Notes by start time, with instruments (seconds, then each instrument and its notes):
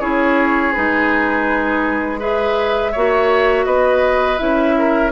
0.00 bassoon C#4, clarinet E4, oboe G#4, flute C#5
0.72 bassoon G#3, clarinet D#4, flute B4
2.19 clarinet G#4, oboe B4, flute E5
2.92 bassoon A#3, clarinet F#4, oboe C#5
3.65 bassoon B3, oboe B4, flute D#5
4.37 bassoon C#4, clarinet E4, flute E5
4.78 oboe A#4